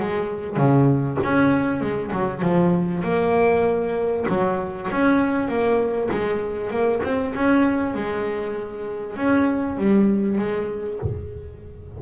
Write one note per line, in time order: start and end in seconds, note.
0.00 0.57 G#3
0.57 1.18 C#3
1.23 1.81 C#4
1.81 2.12 G#3
2.12 2.42 F#3
2.42 3.03 F3
3.04 4.26 A#3
4.29 4.90 F#3
4.91 5.48 C#4
5.48 6.09 A#3
6.11 6.71 G#3
6.71 7.01 A#3
7.03 7.34 C4
7.35 7.95 C#4
7.95 9.16 G#3
9.16 9.77 C#4
9.78 10.38 G3
10.38 10.99 G#3